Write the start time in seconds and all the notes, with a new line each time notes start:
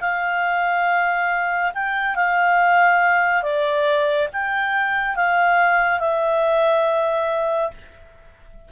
0.00 F5
1.74 G5
2.15 F5
3.42 D5
4.32 G5
5.15 F5
5.99 E5